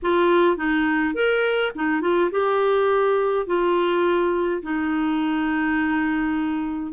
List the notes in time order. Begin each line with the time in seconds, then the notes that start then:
0.02 F4
0.56 D#4
1.14 A#4
1.75 D#4
2.01 F4
2.31 G4
3.46 F4
4.62 D#4